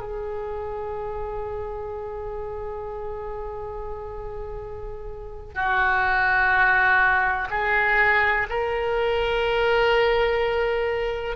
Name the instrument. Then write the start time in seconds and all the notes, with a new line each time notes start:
oboe
0.00 G#4
5.55 F#4
7.50 G#4
8.50 A#4